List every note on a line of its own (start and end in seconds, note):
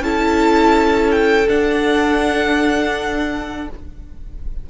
0.00 1.46 C#4
0.00 1.46 E4
0.00 3.69 A4
0.00 1.11 A5
1.11 1.48 G5
1.46 3.66 D4
1.46 3.68 D4
1.46 3.68 F#5